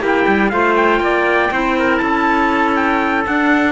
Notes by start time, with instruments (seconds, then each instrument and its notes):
0.00 cello A#3, clarinet E4, trumpet G4
0.06 trumpet G5
0.27 cello G3
0.49 cello A3, clarinet F4, trumpet C5 F5
0.76 trumpet G5
1.00 cello A#3, trumpet D5
1.50 cello C4, clarinet E4, trumpet C5
1.78 trumpet A#4
1.97 cello C#4, trumpet A4 A5
2.75 trumpet G5
3.26 cello D4, clarinet D4, trumpet F#5